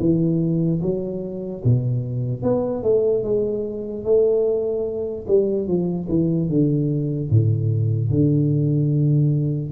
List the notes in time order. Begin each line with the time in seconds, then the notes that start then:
0.00 E3
0.82 F#3
1.64 B2
2.43 B3
2.83 A3
3.24 G#3
4.05 A3
5.28 G3
5.68 F3
6.09 E3
6.49 D3
7.30 A2
8.11 D3